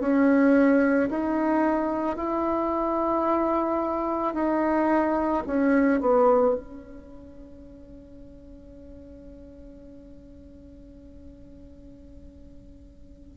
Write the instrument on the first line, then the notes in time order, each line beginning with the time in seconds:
bassoon
0.00 C#4
1.10 D#4
2.17 E4
4.34 D#4
5.47 C#4
6.00 B3
6.55 C#4